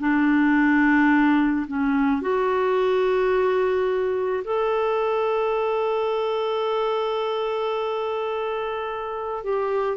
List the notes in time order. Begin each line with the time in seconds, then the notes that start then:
0.00 D4
1.68 C#4
2.22 F#4
4.45 A4
9.44 G4